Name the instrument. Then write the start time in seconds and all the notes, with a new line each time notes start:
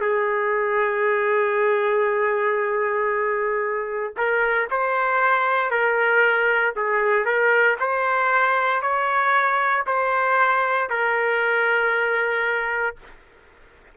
trumpet
0.00 G#4
4.17 A#4
4.70 C5
5.70 A#4
6.76 G#4
7.25 A#4
7.80 C5
8.82 C#5
9.86 C5
10.89 A#4